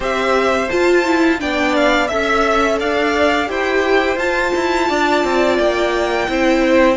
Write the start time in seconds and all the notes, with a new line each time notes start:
0.00 C4 G4 C5 E5
0.70 F4 A5
1.05 E4
1.38 B3 D4 D5 G5
1.75 F5
2.07 C#4 A4 E5
2.79 D4 D5 F5
3.46 E4 G4 C5 G5
4.16 F4 A5
4.55 E4
4.88 D4 D5
5.24 C4
5.57 A#3 G5
6.27 C4 E4 C5